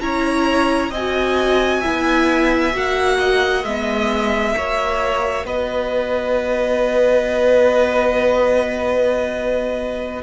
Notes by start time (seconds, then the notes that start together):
0.00 C#4 E4 C#5 A#5
0.90 C4 D#5 G#5
0.97 F#4
1.80 B3 E4 E5
2.72 A#3 F#4 F#5
3.18 D#5
3.63 G#3 B3 E5
4.56 A#3 F#4 C#5
5.45 B3 B4 D#5